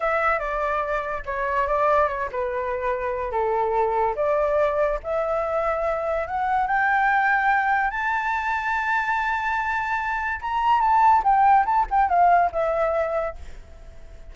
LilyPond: \new Staff \with { instrumentName = "flute" } { \time 4/4 \tempo 4 = 144 e''4 d''2 cis''4 | d''4 cis''8 b'2~ b'8 | a'2 d''2 | e''2. fis''4 |
g''2. a''4~ | a''1~ | a''4 ais''4 a''4 g''4 | a''8 g''8 f''4 e''2 | }